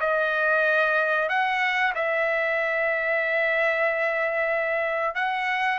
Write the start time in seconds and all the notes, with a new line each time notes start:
0.00 D#5
1.29 F#5
1.95 E5
5.15 F#5